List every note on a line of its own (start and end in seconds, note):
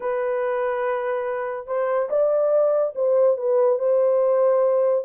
0.00 1.66 B4
1.66 2.08 C5
2.09 2.93 D5
2.95 3.37 C5
3.37 3.79 B4
3.79 5.04 C5